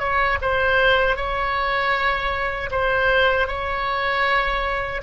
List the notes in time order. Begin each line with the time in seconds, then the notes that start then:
0.00 C#5
0.42 C5
1.16 C#5
2.71 C5
3.48 C#5